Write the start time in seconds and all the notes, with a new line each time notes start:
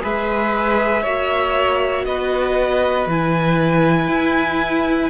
0.00 G#3 G#4 B4 E5
1.02 A#3 F#4 C#5
2.05 B3 B4 D#5
3.06 E3 E4 G#5
4.08 E4